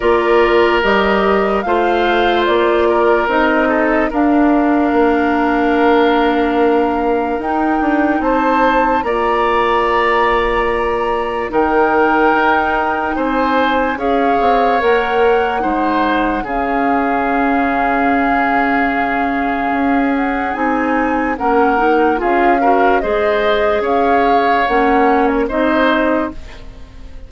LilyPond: <<
  \new Staff \with { instrumentName = "flute" } { \time 4/4 \tempo 4 = 73 d''4 dis''4 f''4 d''4 | dis''4 f''2.~ | f''4 g''4 a''4 ais''4~ | ais''2 g''2 |
gis''4 f''4 fis''2 | f''1~ | f''8 fis''8 gis''4 fis''4 f''4 | dis''4 f''4 fis''8. ais'16 dis''4 | }
  \new Staff \with { instrumentName = "oboe" } { \time 4/4 ais'2 c''4. ais'8~ | ais'8 a'8 ais'2.~ | ais'2 c''4 d''4~ | d''2 ais'2 |
c''4 cis''2 c''4 | gis'1~ | gis'2 ais'4 gis'8 ais'8 | c''4 cis''2 c''4 | }
  \new Staff \with { instrumentName = "clarinet" } { \time 4/4 f'4 g'4 f'2 | dis'4 d'2.~ | d'4 dis'2 f'4~ | f'2 dis'2~ |
dis'4 gis'4 ais'4 dis'4 | cis'1~ | cis'4 dis'4 cis'8 dis'8 f'8 fis'8 | gis'2 cis'4 dis'4 | }
  \new Staff \with { instrumentName = "bassoon" } { \time 4/4 ais4 g4 a4 ais4 | c'4 d'4 ais2~ | ais4 dis'8 d'8 c'4 ais4~ | ais2 dis4 dis'4 |
c'4 cis'8 c'8 ais4 gis4 | cis1 | cis'4 c'4 ais4 cis'4 | gis4 cis'4 ais4 c'4 | }
>>